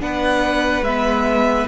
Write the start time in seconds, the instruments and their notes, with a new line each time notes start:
0.00 cello B3, viola D4, violin B4 F#5
0.81 cello G#3, viola B3, violin E5